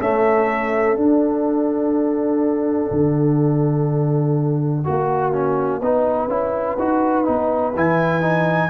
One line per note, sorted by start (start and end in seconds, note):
0.00 0.98 A3
0.00 0.97 C#4
0.00 4.84 A4
0.00 0.97 E5
0.97 2.91 D4
0.97 4.84 D4
0.97 7.74 F#5
2.91 4.85 D3
4.84 5.81 A#3
4.84 5.33 F#4
4.84 5.81 F#4
5.33 5.81 C#4
5.81 6.28 B3
5.81 6.30 D#4
5.81 8.70 B4
6.28 6.76 C#4
6.28 6.78 E4
6.79 7.27 D#4
6.79 7.25 F#4
7.25 7.76 B3
7.25 7.73 D#4
7.76 8.70 E3
7.76 8.22 E4
7.76 8.70 G#5
8.22 8.70 D#4